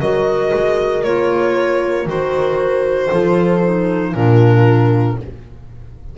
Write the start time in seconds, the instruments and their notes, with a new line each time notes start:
0.00 double bass F#3, clarinet F#4, horn A#4, violin D#5
0.54 double bass G#3
1.03 double bass A#3, clarinet F4, violin C#5
2.06 double bass D#3, clarinet F#4, violin C5
3.09 double bass F3, clarinet F4, horn A4
3.63 clarinet D#4
4.14 double bass A#2, clarinet D4, horn F4, violin A#4